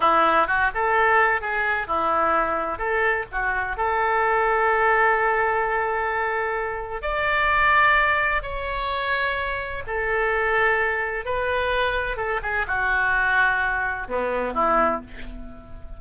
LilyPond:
\new Staff \with { instrumentName = "oboe" } { \time 4/4 \tempo 4 = 128 e'4 fis'8 a'4. gis'4 | e'2 a'4 fis'4 | a'1~ | a'2. d''4~ |
d''2 cis''2~ | cis''4 a'2. | b'2 a'8 gis'8 fis'4~ | fis'2 b4 e'4 | }